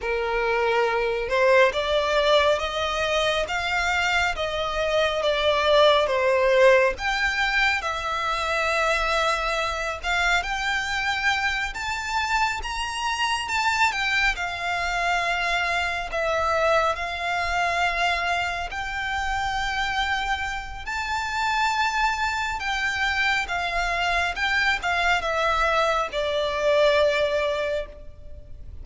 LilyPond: \new Staff \with { instrumentName = "violin" } { \time 4/4 \tempo 4 = 69 ais'4. c''8 d''4 dis''4 | f''4 dis''4 d''4 c''4 | g''4 e''2~ e''8 f''8 | g''4. a''4 ais''4 a''8 |
g''8 f''2 e''4 f''8~ | f''4. g''2~ g''8 | a''2 g''4 f''4 | g''8 f''8 e''4 d''2 | }